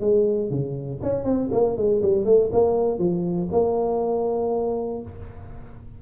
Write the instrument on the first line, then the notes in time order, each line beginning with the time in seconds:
tuba
0.00 G#3
0.50 C#3
1.02 C#4
1.24 C4
1.52 A#3
1.77 G#3
2.02 G3
2.25 A3
2.52 A#3
2.99 F3
3.52 A#3